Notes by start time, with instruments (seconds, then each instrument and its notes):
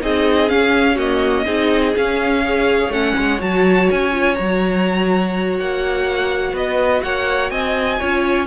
0.00 cello C4, viola D#4, violin G#4 D#5
0.48 viola C#4, cello C#4, violin F5
0.95 viola A#3, violin F#4 D#5
1.45 cello C4, viola D#4, violin G#4
1.96 viola C#4, cello C#4, violin F5
2.44 viola G#4, violin C#5
2.88 cello A3, viola C#4, violin F#5
3.18 cello G#3
3.38 cello F#3, viola F#4, violin A5
3.90 cello C#4, violin G#5
4.11 viola F4
4.35 cello F#3, viola F#4, violin A#5
5.59 cello A#3, violin F#5
6.52 cello B3, violin B4 D#5
7.02 cello A#3, violin C#5 F#5
7.50 cello C4, violin D#5 G#5
7.99 cello C#4, viola F4, violin C#5